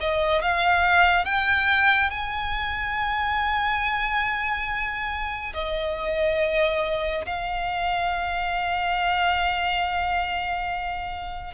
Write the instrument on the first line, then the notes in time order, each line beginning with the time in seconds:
violin
0.00 D#5
0.42 F5
1.25 G5
2.10 G#5
5.54 D#5
7.25 F5